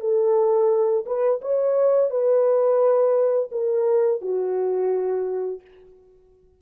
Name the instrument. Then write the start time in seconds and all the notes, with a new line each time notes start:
horn
0.00 A4
1.06 B4
1.41 C#5
2.10 B4
3.51 A#4
4.21 F#4